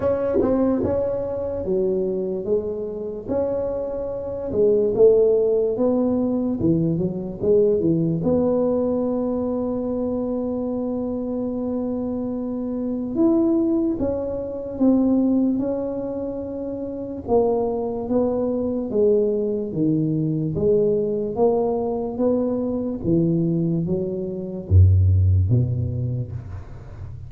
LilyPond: \new Staff \with { instrumentName = "tuba" } { \time 4/4 \tempo 4 = 73 cis'8 c'8 cis'4 fis4 gis4 | cis'4. gis8 a4 b4 | e8 fis8 gis8 e8 b2~ | b1 |
e'4 cis'4 c'4 cis'4~ | cis'4 ais4 b4 gis4 | dis4 gis4 ais4 b4 | e4 fis4 fis,4 b,4 | }